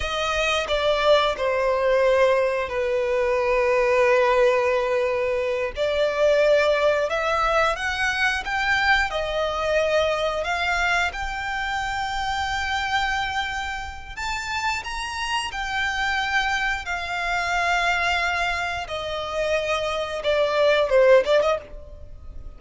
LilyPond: \new Staff \with { instrumentName = "violin" } { \time 4/4 \tempo 4 = 89 dis''4 d''4 c''2 | b'1~ | b'8 d''2 e''4 fis''8~ | fis''8 g''4 dis''2 f''8~ |
f''8 g''2.~ g''8~ | g''4 a''4 ais''4 g''4~ | g''4 f''2. | dis''2 d''4 c''8 d''16 dis''16 | }